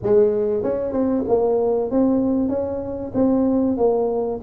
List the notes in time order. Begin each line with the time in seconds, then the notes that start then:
0.03 G#3
0.63 C#4
0.92 C4
1.28 A#3
1.91 C4
2.48 C#4
3.14 C4
3.77 A#3